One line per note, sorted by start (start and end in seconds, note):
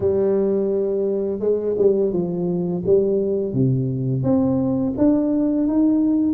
0.00 1.39 G3
1.39 1.75 G#3
1.77 2.12 G3
2.12 2.83 F3
2.86 3.53 G3
3.53 4.23 C3
4.23 4.93 C4
4.97 5.67 D4
5.67 6.33 D#4